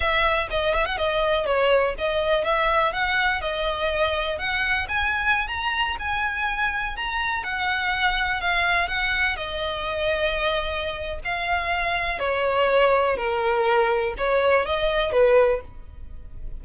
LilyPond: \new Staff \with { instrumentName = "violin" } { \time 4/4 \tempo 4 = 123 e''4 dis''8 e''16 fis''16 dis''4 cis''4 | dis''4 e''4 fis''4 dis''4~ | dis''4 fis''4 gis''4~ gis''16 ais''8.~ | ais''16 gis''2 ais''4 fis''8.~ |
fis''4~ fis''16 f''4 fis''4 dis''8.~ | dis''2. f''4~ | f''4 cis''2 ais'4~ | ais'4 cis''4 dis''4 b'4 | }